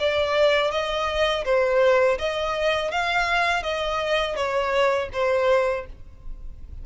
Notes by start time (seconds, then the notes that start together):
0.00 D5
0.72 D#5
1.45 C5
2.19 D#5
2.92 F5
3.63 D#5
4.37 C#5
5.14 C5